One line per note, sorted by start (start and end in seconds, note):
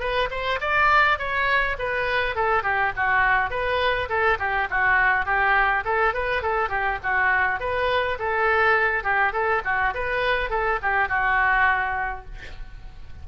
0.00 0.29 B4
0.31 0.60 C5
0.61 1.19 D5
1.19 1.77 C#5
1.79 2.36 B4
2.36 2.63 A4
2.63 2.92 G4
2.97 3.51 F#4
3.51 4.09 B4
4.09 4.38 A4
4.39 4.68 G4
4.71 5.26 F#4
5.26 5.84 G4
5.85 6.14 A4
6.14 6.43 B4
6.43 6.69 A4
6.69 6.98 G4
7.03 7.60 F#4
7.60 8.18 B4
8.20 9.04 A4
9.04 9.33 G4
9.33 9.62 A4
9.65 9.94 F#4
9.95 10.50 B4
10.50 10.79 A4
10.82 11.09 G4
11.09 12.25 F#4